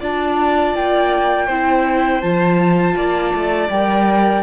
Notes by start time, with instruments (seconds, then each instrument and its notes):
0.00 cello D4, viola F4, violin D5, flute A5
0.75 cello A#3, flute G5
1.46 cello C4, viola E4, violin C5
2.21 cello F3, viola F4, flute A5
2.96 cello A#3, violin D5
3.34 cello A3
3.69 cello G3, viola A#4, flute G5